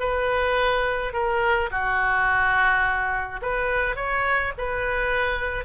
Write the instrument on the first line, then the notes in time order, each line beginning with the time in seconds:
oboe
0.00 B4
1.13 A#4
1.71 F#4
3.42 B4
3.96 C#5
4.58 B4